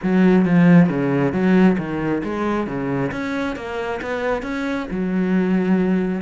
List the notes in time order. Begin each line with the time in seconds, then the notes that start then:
0.02 F#3
0.45 F3
0.89 C#3
1.32 F#3
1.78 D#3
2.23 G#3
2.66 C#3
3.11 C#4
3.56 A#3
4.01 B3
4.42 C#4
4.90 F#3